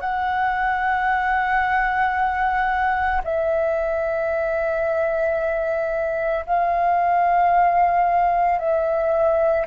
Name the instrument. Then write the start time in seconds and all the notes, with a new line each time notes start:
flute
0.00 F#5
3.24 E5
6.46 F5
8.59 E5